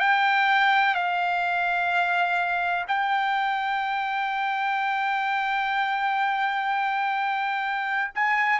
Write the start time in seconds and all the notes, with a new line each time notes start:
0.00 G5
0.95 F5
2.88 G5
8.15 G#5